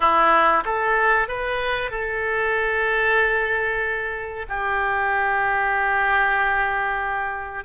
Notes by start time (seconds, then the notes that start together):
0.00 E4
0.64 A4
1.28 B4
1.90 A4
4.48 G4